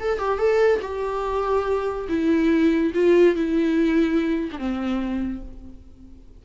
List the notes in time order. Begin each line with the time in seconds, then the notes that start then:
0.00 A4
0.19 G4
0.39 A4
0.82 G4
2.09 E4
2.94 F4
3.35 E4
4.52 D4
4.58 C4